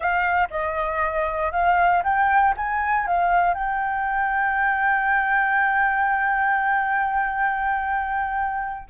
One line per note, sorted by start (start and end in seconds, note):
0.00 0.48 F5
0.50 1.52 D#5
1.52 2.02 F5
2.03 2.54 G5
2.57 3.06 G#5
3.06 3.54 F5
3.54 8.88 G5